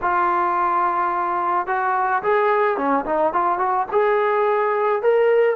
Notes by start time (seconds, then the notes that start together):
0.01 F4
1.67 F#4
2.22 G#4
2.77 C#4
3.05 D#4
3.33 F4
3.58 F#4
3.91 G#4
5.02 A#4